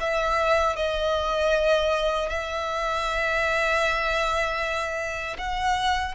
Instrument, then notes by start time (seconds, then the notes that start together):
violin
0.00 E5
0.76 D#5
2.29 E5
5.38 F#5